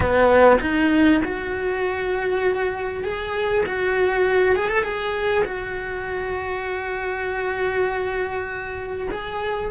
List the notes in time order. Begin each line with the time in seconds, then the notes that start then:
0.00 B3
0.61 D#4
1.24 F#4
3.04 G#4
3.66 F#4
4.55 G#4
4.68 A4
4.83 G#4
5.44 F#4
9.10 G#4